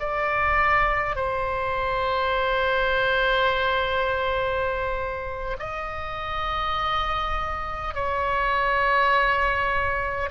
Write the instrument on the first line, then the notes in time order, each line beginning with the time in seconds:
oboe
0.00 D5
1.16 C5
5.59 D#5
7.95 C#5